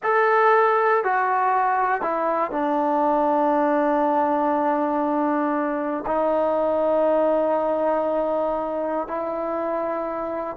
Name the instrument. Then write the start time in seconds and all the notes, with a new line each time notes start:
trombone
0.03 A4
1.03 F#4
2.01 E4
2.51 D4
6.06 D#4
9.07 E4